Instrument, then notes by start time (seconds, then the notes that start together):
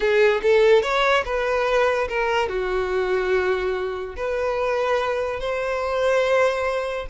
violin
0.00 G#4
0.42 A4
0.82 C#5
1.24 B4
2.08 A#4
2.48 F#4
4.16 B4
5.40 C5